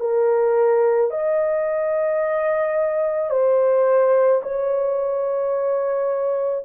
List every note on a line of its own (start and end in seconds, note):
0.00 1.11 A#4
1.11 3.30 D#5
3.30 4.41 C5
4.43 6.65 C#5